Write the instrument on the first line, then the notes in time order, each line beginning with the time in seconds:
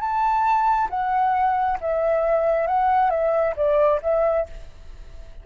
flute
0.00 A5
0.90 F#5
1.80 E5
2.67 F#5
3.10 E5
3.56 D5
4.02 E5